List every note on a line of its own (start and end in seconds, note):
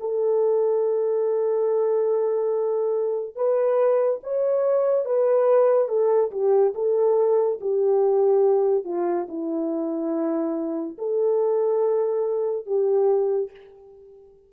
0.00 3.35 A4
3.35 4.20 B4
4.23 5.05 C#5
5.05 5.88 B4
5.88 6.31 A4
6.31 6.73 G4
6.75 7.59 A4
7.61 8.84 G4
8.84 9.27 F4
9.28 10.97 E4
10.98 12.66 A4
12.66 13.51 G4